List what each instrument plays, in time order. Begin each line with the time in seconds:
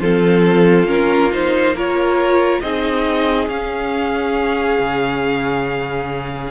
0.00 cello F3, viola C4, violin F4 A4
0.85 cello A#3, viola C#4, violin A#4
1.32 viola D#4, violin C5
1.75 viola F4, violin A#4 C#5
2.61 cello C4, viola D#4, violin G#4 D#5
3.47 cello C#4, viola C#4, violin F5
4.79 cello C#3